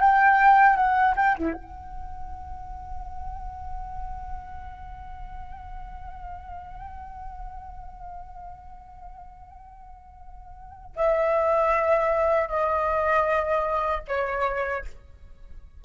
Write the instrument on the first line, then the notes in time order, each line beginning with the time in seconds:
flute
0.00 G5
0.76 F#5
1.16 G5
1.38 E4
1.53 F#5
10.96 E5
12.48 D#5
14.08 C#5